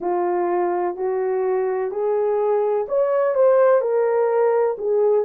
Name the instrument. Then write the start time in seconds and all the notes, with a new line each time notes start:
horn
0.00 F4
0.96 F#4
1.90 G#4
2.88 C#5
3.35 C5
3.81 A#4
4.78 G#4